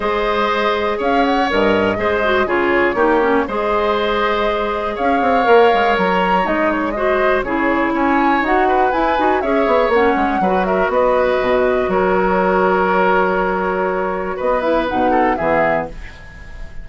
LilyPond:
<<
  \new Staff \with { instrumentName = "flute" } { \time 4/4 \tempo 4 = 121 dis''2 f''8 fis''8 dis''4~ | dis''4 cis''2 dis''4~ | dis''2 f''2 | ais''4 dis''8 cis''8 dis''4 cis''4 |
gis''4 fis''4 gis''4 e''4 | fis''4. e''8 dis''2 | cis''1~ | cis''4 dis''8 e''8 fis''4 e''4 | }
  \new Staff \with { instrumentName = "oboe" } { \time 4/4 c''2 cis''2 | c''4 gis'4 g'4 c''4~ | c''2 cis''2~ | cis''2 c''4 gis'4 |
cis''4. b'4. cis''4~ | cis''4 b'8 ais'8 b'2 | ais'1~ | ais'4 b'4. a'8 gis'4 | }
  \new Staff \with { instrumentName = "clarinet" } { \time 4/4 gis'2. ais'4 | gis'8 fis'8 f'4 dis'8 cis'8 gis'4~ | gis'2. ais'4~ | ais'4 dis'4 fis'4 e'4~ |
e'4 fis'4 e'8 fis'8 gis'4 | cis'4 fis'2.~ | fis'1~ | fis'4. e'8 dis'4 b4 | }
  \new Staff \with { instrumentName = "bassoon" } { \time 4/4 gis2 cis'4 g,4 | gis4 cis4 ais4 gis4~ | gis2 cis'8 c'8 ais8 gis8 | fis4 gis2 cis4 |
cis'4 dis'4 e'8 dis'8 cis'8 b8 | ais8 gis8 fis4 b4 b,4 | fis1~ | fis4 b4 b,4 e4 | }
>>